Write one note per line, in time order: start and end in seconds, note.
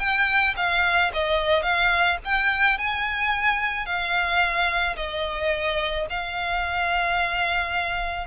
0.00 0.55 G5
0.57 1.12 F5
1.14 1.63 D#5
1.63 2.18 F5
2.25 2.79 G5
2.79 3.86 G#5
3.86 4.96 F5
4.97 6.07 D#5
6.10 8.27 F5